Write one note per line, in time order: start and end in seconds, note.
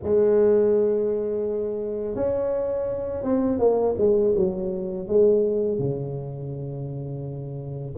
0.02 2.15 G#3
2.15 3.23 C#4
3.23 3.58 C4
3.58 3.95 A#3
3.98 4.34 G#3
4.35 5.07 F#3
5.07 5.78 G#3
5.78 7.95 C#3